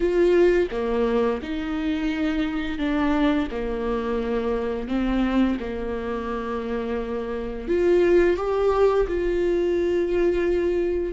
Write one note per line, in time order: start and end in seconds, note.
0.00 0.68 F4
0.71 1.40 A#3
1.42 2.78 D#4
2.78 3.48 D4
3.51 4.88 A#3
4.88 5.58 C4
5.59 7.67 A#3
7.67 8.37 F4
8.37 9.06 G4
9.07 11.13 F4